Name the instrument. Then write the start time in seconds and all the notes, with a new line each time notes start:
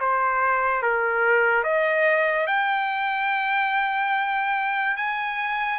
trumpet
0.00 C5
0.83 A#4
1.64 D#5
2.47 G5
4.97 G#5